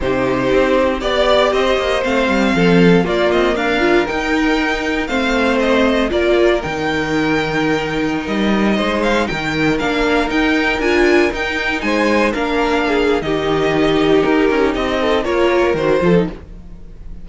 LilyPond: <<
  \new Staff \with { instrumentName = "violin" } { \time 4/4 \tempo 4 = 118 c''2 d''4 dis''4 | f''2 d''8 dis''8 f''4 | g''2 f''4 dis''4 | d''4 g''2.~ |
g''16 dis''4. f''8 g''4 f''8.~ | f''16 g''4 gis''4 g''4 gis''8.~ | gis''16 f''4.~ f''16 dis''2 | ais'4 dis''4 cis''4 c''4 | }
  \new Staff \with { instrumentName = "violin" } { \time 4/4 g'2 d''4 c''4~ | c''4 a'4 f'4 ais'4~ | ais'2 c''2 | ais'1~ |
ais'4~ ais'16 c''4 ais'4.~ ais'16~ | ais'2.~ ais'16 c''8.~ | c''16 ais'4 gis'8. g'2~ | g'4. a'8 ais'4. a'8 | }
  \new Staff \with { instrumentName = "viola" } { \time 4/4 dis'2 g'2 | c'2 ais4. f'8 | dis'2 c'2 | f'4 dis'2.~ |
dis'2.~ dis'16 d'8.~ | d'16 dis'4 f'4 dis'4.~ dis'16~ | dis'16 d'4.~ d'16 dis'2~ | dis'2 f'4 fis'8 f'16 dis'16 | }
  \new Staff \with { instrumentName = "cello" } { \time 4/4 c4 c'4 b4 c'8 ais8 | a8 g8 f4 ais8 c'8 d'4 | dis'2 a2 | ais4 dis2.~ |
dis16 g4 gis4 dis4 ais8.~ | ais16 dis'4 d'4 dis'4 gis8.~ | gis16 ais4.~ ais16 dis2 | dis'8 cis'8 c'4 ais4 dis8 f8 | }
>>